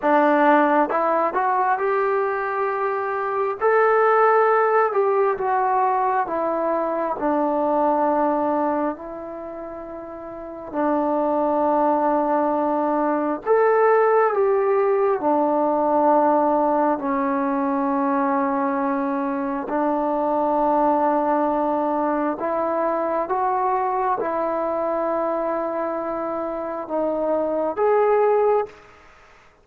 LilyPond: \new Staff \with { instrumentName = "trombone" } { \time 4/4 \tempo 4 = 67 d'4 e'8 fis'8 g'2 | a'4. g'8 fis'4 e'4 | d'2 e'2 | d'2. a'4 |
g'4 d'2 cis'4~ | cis'2 d'2~ | d'4 e'4 fis'4 e'4~ | e'2 dis'4 gis'4 | }